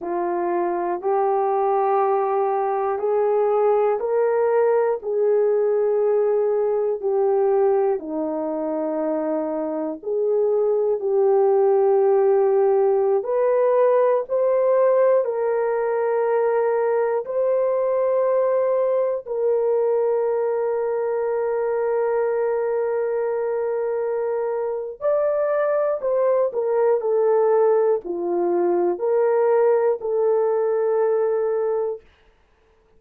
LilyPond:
\new Staff \with { instrumentName = "horn" } { \time 4/4 \tempo 4 = 60 f'4 g'2 gis'4 | ais'4 gis'2 g'4 | dis'2 gis'4 g'4~ | g'4~ g'16 b'4 c''4 ais'8.~ |
ais'4~ ais'16 c''2 ais'8.~ | ais'1~ | ais'4 d''4 c''8 ais'8 a'4 | f'4 ais'4 a'2 | }